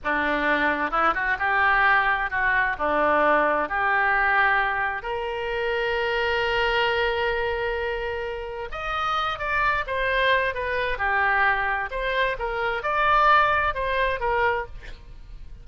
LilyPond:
\new Staff \with { instrumentName = "oboe" } { \time 4/4 \tempo 4 = 131 d'2 e'8 fis'8 g'4~ | g'4 fis'4 d'2 | g'2. ais'4~ | ais'1~ |
ais'2. dis''4~ | dis''8 d''4 c''4. b'4 | g'2 c''4 ais'4 | d''2 c''4 ais'4 | }